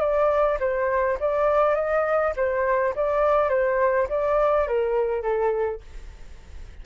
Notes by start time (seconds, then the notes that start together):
0.00 D5
0.60 C5
1.20 D5
1.75 D#5
2.36 C5
2.95 D5
3.49 C5
4.09 D5
4.67 A#4
5.22 A4